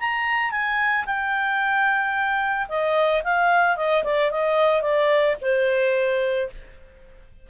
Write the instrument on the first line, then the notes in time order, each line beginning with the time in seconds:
clarinet
0.00 A#5
0.51 G#5
1.06 G5
2.69 D#5
3.24 F5
3.76 D#5
4.04 D5
4.31 D#5
4.82 D5
5.42 C5